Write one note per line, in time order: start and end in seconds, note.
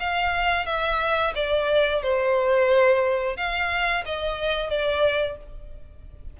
0.00 0.66 F5
0.66 1.33 E5
1.35 2.03 D5
2.03 3.36 C5
3.36 4.04 F5
4.05 4.69 D#5
4.69 5.37 D5